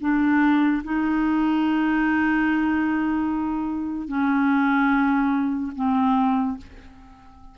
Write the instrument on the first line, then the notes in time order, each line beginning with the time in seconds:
clarinet
0.00 D4
0.84 D#4
4.08 C#4
5.75 C4